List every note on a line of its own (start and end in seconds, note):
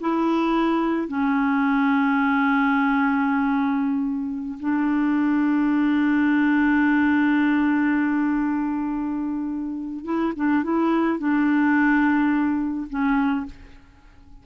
0.00 1.08 E4
1.08 4.58 C#4
4.60 10.05 D4
10.05 10.33 E4
10.36 10.63 D4
10.63 11.19 E4
11.19 12.87 D4
12.90 13.46 C#4